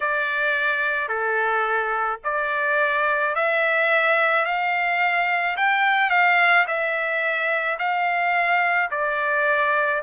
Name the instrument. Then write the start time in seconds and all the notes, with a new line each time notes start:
trumpet
0.00 D5
1.08 A4
2.24 D5
3.35 E5
4.45 F5
5.57 G5
6.10 F5
6.67 E5
7.78 F5
8.90 D5